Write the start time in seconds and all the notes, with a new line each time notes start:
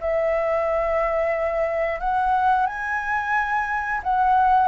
0.00 E5
2.00 F#5
2.66 G#5
4.03 F#5